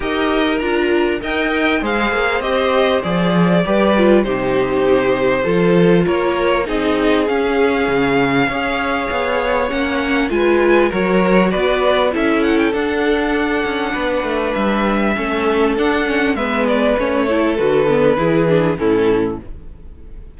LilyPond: <<
  \new Staff \with { instrumentName = "violin" } { \time 4/4 \tempo 4 = 99 dis''4 ais''4 g''4 f''4 | dis''4 d''2 c''4~ | c''2 cis''4 dis''4 | f''1 |
fis''4 gis''4 cis''4 d''4 | e''8 fis''16 g''16 fis''2. | e''2 fis''4 e''8 d''8 | cis''4 b'2 a'4 | }
  \new Staff \with { instrumentName = "violin" } { \time 4/4 ais'2 dis''4 c''4~ | c''2 b'4 g'4~ | g'4 a'4 ais'4 gis'4~ | gis'2 cis''2~ |
cis''4 b'4 ais'4 b'4 | a'2. b'4~ | b'4 a'2 b'4~ | b'8 a'4. gis'4 e'4 | }
  \new Staff \with { instrumentName = "viola" } { \time 4/4 g'4 f'4 ais'4 gis'4 | g'4 gis'4 g'8 f'8 dis'4~ | dis'4 f'2 dis'4 | cis'2 gis'2 |
cis'4 f'4 fis'2 | e'4 d'2.~ | d'4 cis'4 d'8 cis'8 b4 | cis'8 e'8 fis'8 b8 e'8 d'8 cis'4 | }
  \new Staff \with { instrumentName = "cello" } { \time 4/4 dis'4 d'4 dis'4 gis8 ais8 | c'4 f4 g4 c4~ | c4 f4 ais4 c'4 | cis'4 cis4 cis'4 b4 |
ais4 gis4 fis4 b4 | cis'4 d'4. cis'8 b8 a8 | g4 a4 d'4 gis4 | a4 d4 e4 a,4 | }
>>